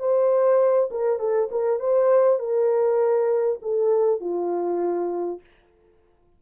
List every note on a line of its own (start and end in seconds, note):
0.00 0.90 C5
0.91 1.19 A#4
1.19 1.49 A4
1.51 1.80 A#4
1.80 2.39 C5
2.39 3.59 A#4
3.62 4.21 A4
4.21 5.41 F4